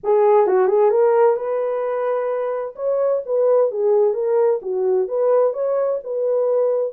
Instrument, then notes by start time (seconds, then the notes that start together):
horn
0.03 G#4
0.46 F#4
0.67 G#4
0.90 A#4
1.36 B4
2.75 C#5
3.25 B4
3.71 G#4
4.13 A#4
4.62 F#4
5.08 B4
5.53 C#5
6.03 B4